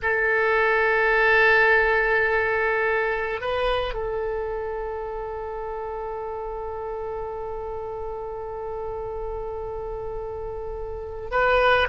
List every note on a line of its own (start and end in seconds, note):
0.02 3.40 A4
3.40 3.94 B4
3.94 11.30 A4
11.31 11.87 B4